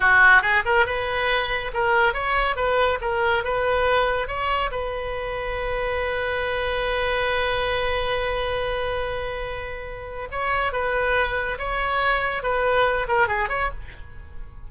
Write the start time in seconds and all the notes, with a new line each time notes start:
0.00 F#4
0.41 G#4
0.65 A#4
0.86 B4
1.73 A#4
2.13 C#5
2.56 B4
3.01 A#4
3.44 B4
4.27 C#5
4.71 B4
10.31 C#5
10.72 B4
11.58 C#5
12.42 B4
13.08 A#4
13.27 G#4
13.48 C#5